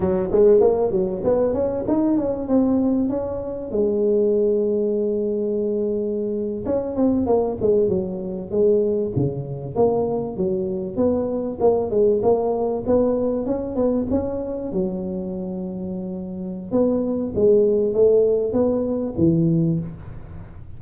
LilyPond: \new Staff \with { instrumentName = "tuba" } { \time 4/4 \tempo 4 = 97 fis8 gis8 ais8 fis8 b8 cis'8 dis'8 cis'8 | c'4 cis'4 gis2~ | gis2~ gis8. cis'8 c'8 ais16~ | ais16 gis8 fis4 gis4 cis4 ais16~ |
ais8. fis4 b4 ais8 gis8 ais16~ | ais8. b4 cis'8 b8 cis'4 fis16~ | fis2. b4 | gis4 a4 b4 e4 | }